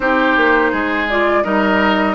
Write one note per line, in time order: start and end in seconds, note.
0.00 0.36 C4
0.00 1.09 D#4
0.00 0.71 G4
0.00 1.07 C5
0.36 0.72 A#3
0.71 1.44 G#3
0.71 1.43 G#4
1.08 1.43 F4
1.08 1.43 D5
1.43 2.15 G3
1.43 2.15 D#4
1.43 2.15 A#4
1.43 2.15 D#5